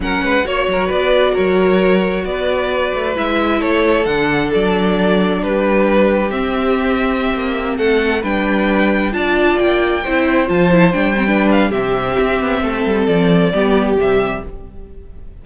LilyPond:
<<
  \new Staff \with { instrumentName = "violin" } { \time 4/4 \tempo 4 = 133 fis''4 cis''4 d''4 cis''4~ | cis''4 d''2 e''4 | cis''4 fis''4 d''2 | b'2 e''2~ |
e''4~ e''16 fis''4 g''4.~ g''16~ | g''16 a''4 g''2 a''8.~ | a''16 g''4~ g''16 f''8 e''2~ | e''4 d''2 e''4 | }
  \new Staff \with { instrumentName = "violin" } { \time 4/4 ais'8 b'8 cis''8 ais'8 b'4 ais'4~ | ais'4 b'2. | a'1 | g'1~ |
g'4~ g'16 a'4 b'4.~ b'16~ | b'16 d''2 c''4.~ c''16~ | c''4 b'4 g'2 | a'2 g'2 | }
  \new Staff \with { instrumentName = "viola" } { \time 4/4 cis'4 fis'2.~ | fis'2. e'4~ | e'4 d'2.~ | d'2 c'2~ |
c'2~ c'16 d'4.~ d'16~ | d'16 f'2 e'4 f'8 e'16~ | e'16 d'8 c'16 d'4 c'2~ | c'2 b4 g4 | }
  \new Staff \with { instrumentName = "cello" } { \time 4/4 fis8 gis8 ais8 fis8 b4 fis4~ | fis4 b4. a8 gis4 | a4 d4 fis2 | g2 c'2~ |
c'16 ais4 a4 g4.~ g16~ | g16 d'4 ais4 c'4 f8.~ | f16 g4.~ g16 c4 c'8 b8 | a8 g8 f4 g4 c4 | }
>>